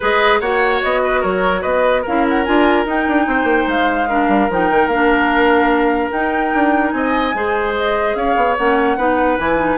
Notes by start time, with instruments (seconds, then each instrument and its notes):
0.00 bassoon G#3, clarinet G#4, oboe B4, flute D#5
0.40 bassoon A#3, clarinet F#4, oboe C#5, flute F#5
0.82 bassoon B3, flute D#5
1.03 oboe B4
1.20 bassoon F#3, oboe A#4, flute C#5
1.61 bassoon B3, oboe B4, flute D#5
2.02 bassoon C#4, clarinet E4, oboe A#4, flute F5
2.28 flute F#5
2.44 bassoon D4, clarinet F4, flute G#5
2.85 bassoon D#4, clarinet D#4, flute G5
3.07 bassoon D4
3.26 bassoon C4, oboe C5
3.43 bassoon A#3
3.67 bassoon G#3, flute F5
4.08 clarinet D4, oboe A#4
4.28 bassoon G3
4.49 bassoon F3, clarinet D#4, flute G5
4.70 bassoon D#3
4.87 bassoon A#3, clarinet D4, flute F5
6.11 bassoon D#4, clarinet D#4, flute G5
6.54 bassoon D4
6.90 bassoon C4, oboe D#5, flute G#5
7.34 bassoon G#3, clarinet G#4, oboe C5
7.77 flute D#5
8.15 bassoon C#4, oboe C#5, flute F5
8.36 bassoon B3
8.57 bassoon A#3, clarinet C#4, flute F#5
8.97 bassoon B3, clarinet D#4, oboe B4
9.38 bassoon E3, clarinet E4, flute G#5
9.57 clarinet D#4